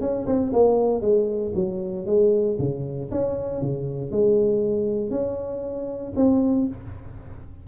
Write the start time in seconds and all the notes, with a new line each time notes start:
0.00 C#4
0.26 C4
0.52 A#3
1.01 G#3
1.54 F#3
2.06 G#3
2.59 C#3
3.11 C#4
3.61 C#3
4.11 G#3
5.10 C#4
6.16 C4